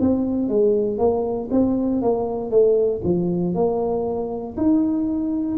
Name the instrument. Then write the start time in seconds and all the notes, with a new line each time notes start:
tuba
0.00 C4
0.49 G#3
0.98 A#3
1.51 C4
2.02 A#3
2.50 A3
3.04 F3
3.54 A#3
4.57 D#4